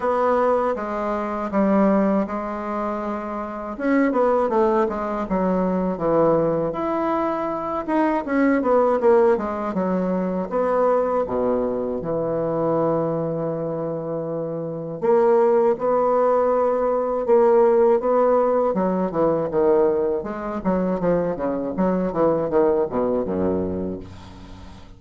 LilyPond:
\new Staff \with { instrumentName = "bassoon" } { \time 4/4 \tempo 4 = 80 b4 gis4 g4 gis4~ | gis4 cis'8 b8 a8 gis8 fis4 | e4 e'4. dis'8 cis'8 b8 | ais8 gis8 fis4 b4 b,4 |
e1 | ais4 b2 ais4 | b4 fis8 e8 dis4 gis8 fis8 | f8 cis8 fis8 e8 dis8 b,8 fis,4 | }